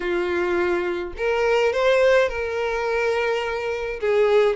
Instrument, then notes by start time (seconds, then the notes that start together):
violin
0.00 F4
1.17 A#4
1.72 C5
2.28 A#4
4.00 G#4